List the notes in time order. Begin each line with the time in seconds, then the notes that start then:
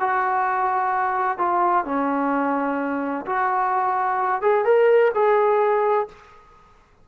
0.00 F#4
1.38 F4
1.85 C#4
3.26 F#4
4.41 G#4
4.65 A#4
5.14 G#4